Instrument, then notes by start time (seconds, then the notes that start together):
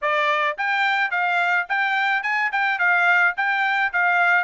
trumpet
0.01 D5
0.57 G5
1.11 F5
1.68 G5
2.22 G#5
2.52 G5
2.79 F5
3.36 G5
3.93 F5